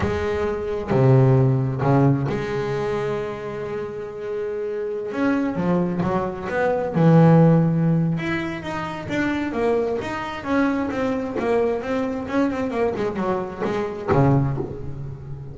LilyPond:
\new Staff \with { instrumentName = "double bass" } { \time 4/4 \tempo 4 = 132 gis2 c2 | cis4 gis2.~ | gis2.~ gis16 cis'8.~ | cis'16 f4 fis4 b4 e8.~ |
e2 e'4 dis'4 | d'4 ais4 dis'4 cis'4 | c'4 ais4 c'4 cis'8 c'8 | ais8 gis8 fis4 gis4 cis4 | }